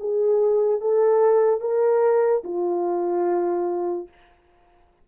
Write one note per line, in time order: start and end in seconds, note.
0.00 0.81 G#4
0.81 1.61 A4
1.61 2.43 A#4
2.44 4.08 F4